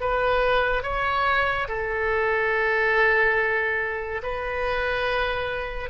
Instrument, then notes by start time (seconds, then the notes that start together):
oboe
0.00 B4
0.83 C#5
1.68 A4
4.23 B4